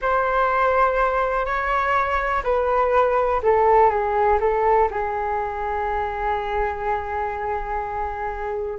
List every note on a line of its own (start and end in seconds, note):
0.01 1.45 C5
1.45 2.43 C#5
2.43 3.41 B4
3.43 3.90 A4
3.90 4.38 G#4
4.40 4.89 A4
4.90 8.78 G#4